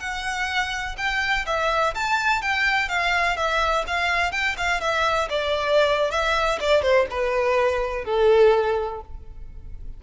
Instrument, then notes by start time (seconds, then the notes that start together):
violin
0.00 F#5
0.98 G5
1.46 E5
1.95 A5
2.42 G5
2.89 F5
3.37 E5
3.87 F5
4.32 G5
4.58 F5
4.81 E5
5.30 D5
6.11 E5
6.60 D5
6.83 C5
7.11 B4
8.05 A4